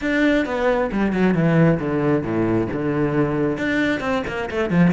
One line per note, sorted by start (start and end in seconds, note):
0.01 0.45 D4
0.45 0.90 B3
0.92 1.13 G3
1.13 1.34 F#3
1.34 1.79 E3
1.79 2.23 D3
2.23 2.67 A2
2.72 3.57 D3
3.57 4.00 D4
4.00 4.23 C4
4.27 4.49 A#3
4.50 4.69 A3
4.69 4.92 F3